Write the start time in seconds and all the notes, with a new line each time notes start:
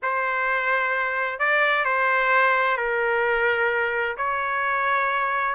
0.02 C5
1.39 D5
1.85 C5
2.77 A#4
4.17 C#5